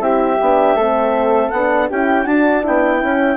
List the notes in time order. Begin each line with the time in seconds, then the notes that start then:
0.00 C4 E4 G4 E5
0.42 B3 D4
0.75 A3 C4 A4
1.50 B3 D4 F#5
1.90 C#4 E4 G4 G5
2.24 D4 F#4 A5
2.64 B3 E4 G5
3.00 C#4